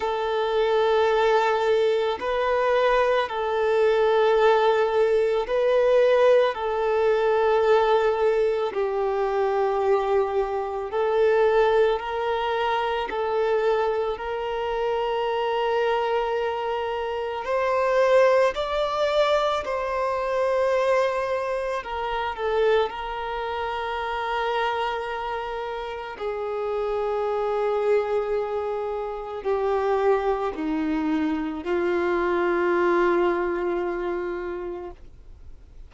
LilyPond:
\new Staff \with { instrumentName = "violin" } { \time 4/4 \tempo 4 = 55 a'2 b'4 a'4~ | a'4 b'4 a'2 | g'2 a'4 ais'4 | a'4 ais'2. |
c''4 d''4 c''2 | ais'8 a'8 ais'2. | gis'2. g'4 | dis'4 f'2. | }